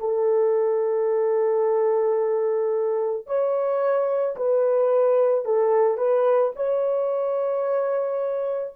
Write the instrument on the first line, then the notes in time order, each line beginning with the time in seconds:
horn
0.00 A4
3.27 C#5
4.37 B4
5.45 A4
5.98 B4
6.56 C#5